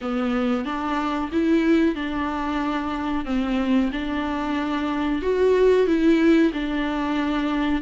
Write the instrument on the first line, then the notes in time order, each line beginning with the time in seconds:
viola
0.01 B3
0.65 D4
1.32 E4
1.95 D4
3.25 C4
3.92 D4
5.21 F#4
5.86 E4
6.53 D4